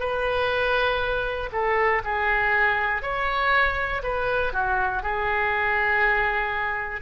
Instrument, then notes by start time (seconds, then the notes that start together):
oboe
0.00 B4
1.52 A4
2.05 G#4
3.03 C#5
4.03 B4
4.54 F#4
5.03 G#4